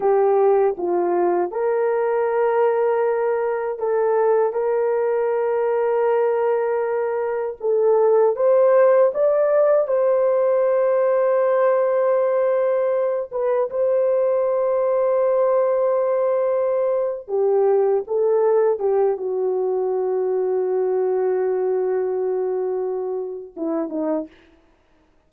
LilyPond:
\new Staff \with { instrumentName = "horn" } { \time 4/4 \tempo 4 = 79 g'4 f'4 ais'2~ | ais'4 a'4 ais'2~ | ais'2 a'4 c''4 | d''4 c''2.~ |
c''4. b'8 c''2~ | c''2~ c''8. g'4 a'16~ | a'8. g'8 fis'2~ fis'8.~ | fis'2. e'8 dis'8 | }